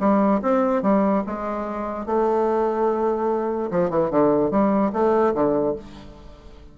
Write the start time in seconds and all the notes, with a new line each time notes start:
0.00 G3
0.42 C4
0.82 G3
1.26 G#3
2.06 A3
3.71 F3
3.90 E3
4.11 D3
4.51 G3
4.93 A3
5.34 D3